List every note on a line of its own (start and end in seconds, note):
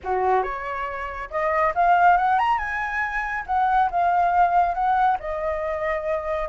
0.03 0.42 F#4
0.42 1.29 C#5
1.30 1.73 D#5
1.74 2.17 F5
2.17 2.38 F#5
2.38 2.57 A#5
2.57 3.44 G#5
3.46 3.89 F#5
3.90 4.74 F5
4.74 5.17 F#5
5.19 6.48 D#5